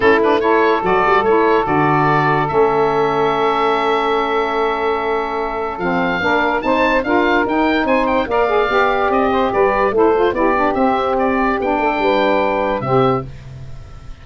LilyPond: <<
  \new Staff \with { instrumentName = "oboe" } { \time 4/4 \tempo 4 = 145 a'8 b'8 cis''4 d''4 cis''4 | d''2 e''2~ | e''1~ | e''2 f''2 |
a''4 f''4 g''4 gis''8 g''8 | f''2 dis''4 d''4 | c''4 d''4 e''4 d''4 | g''2. e''4 | }
  \new Staff \with { instrumentName = "saxophone" } { \time 4/4 e'4 a'2.~ | a'1~ | a'1~ | a'2. ais'4 |
c''4 ais'2 c''4 | d''2~ d''8 c''8 b'4 | a'4 g'2.~ | g'8 a'8 b'2 g'4 | }
  \new Staff \with { instrumentName = "saxophone" } { \time 4/4 cis'8 d'8 e'4 fis'4 e'4 | fis'2 cis'2~ | cis'1~ | cis'2 c'4 d'4 |
dis'4 f'4 dis'2 | ais'8 gis'8 g'2. | e'8 f'8 e'8 d'8 c'2 | d'2. c'4 | }
  \new Staff \with { instrumentName = "tuba" } { \time 4/4 a2 fis8 g8 a4 | d2 a2~ | a1~ | a2 f4 ais4 |
c'4 d'4 dis'4 c'4 | ais4 b4 c'4 g4 | a4 b4 c'2 | b8 a8 g2 c4 | }
>>